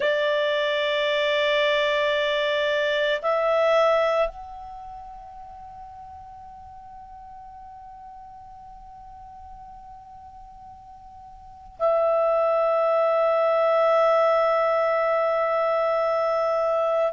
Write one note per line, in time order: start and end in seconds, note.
0.00 3.21 D5
3.21 4.28 E5
4.28 11.78 F#5
11.79 17.12 E5